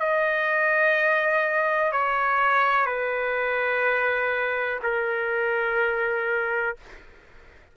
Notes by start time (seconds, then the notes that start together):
0.00 D#5
1.92 C#5
2.86 B4
4.83 A#4